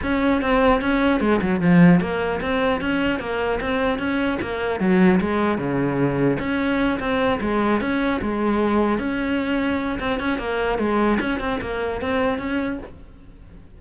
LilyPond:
\new Staff \with { instrumentName = "cello" } { \time 4/4 \tempo 4 = 150 cis'4 c'4 cis'4 gis8 fis8 | f4 ais4 c'4 cis'4 | ais4 c'4 cis'4 ais4 | fis4 gis4 cis2 |
cis'4. c'4 gis4 cis'8~ | cis'8 gis2 cis'4.~ | cis'4 c'8 cis'8 ais4 gis4 | cis'8 c'8 ais4 c'4 cis'4 | }